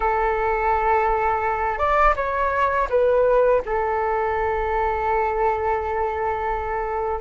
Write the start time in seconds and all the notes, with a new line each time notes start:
0.00 A4
1.78 D5
2.16 C#5
2.89 B4
3.65 A4